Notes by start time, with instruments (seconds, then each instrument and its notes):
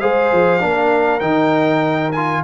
0.00 tuba G#3, trombone G#4, horn C5, trumpet F5
0.33 tuba F3
0.60 tuba A#3, trombone D4, horn A#4
1.20 tuba D#3, trombone D#4, trumpet G5
2.12 trombone F4, trumpet G#5